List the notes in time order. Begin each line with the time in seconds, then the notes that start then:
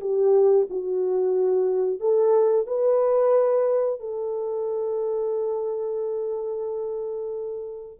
0.00 G4
0.70 F#4
2.00 A4
2.67 B4
4.00 A4